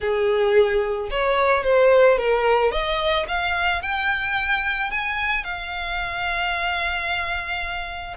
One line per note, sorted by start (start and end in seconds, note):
0.00 1.09 G#4
1.10 1.63 C#5
1.63 2.18 C5
2.18 2.71 A#4
2.71 3.26 D#5
3.28 3.82 F5
3.82 4.90 G5
4.90 5.44 G#5
5.44 8.16 F5